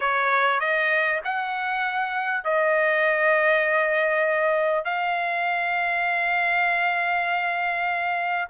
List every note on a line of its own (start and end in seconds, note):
0.00 0.60 C#5
0.60 1.20 D#5
1.24 2.44 F#5
2.44 4.84 D#5
4.84 8.48 F5